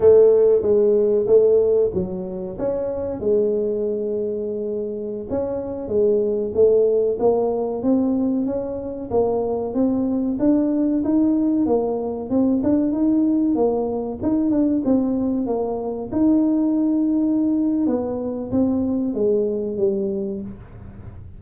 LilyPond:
\new Staff \with { instrumentName = "tuba" } { \time 4/4 \tempo 4 = 94 a4 gis4 a4 fis4 | cis'4 gis2.~ | gis16 cis'4 gis4 a4 ais8.~ | ais16 c'4 cis'4 ais4 c'8.~ |
c'16 d'4 dis'4 ais4 c'8 d'16~ | d'16 dis'4 ais4 dis'8 d'8 c'8.~ | c'16 ais4 dis'2~ dis'8. | b4 c'4 gis4 g4 | }